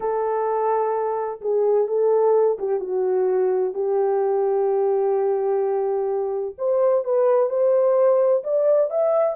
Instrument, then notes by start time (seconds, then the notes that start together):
horn
0.00 A4
1.41 G#4
1.87 A4
2.58 G4
2.80 F#4
3.74 G4
6.58 C5
7.04 B4
7.49 C5
8.43 D5
8.90 E5